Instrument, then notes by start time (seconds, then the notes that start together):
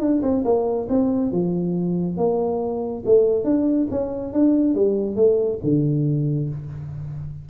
tuba
0.00 D4
0.22 C4
0.45 A#3
0.89 C4
1.32 F3
2.17 A#3
3.05 A3
3.45 D4
3.91 C#4
4.33 D4
4.75 G3
5.16 A3
5.64 D3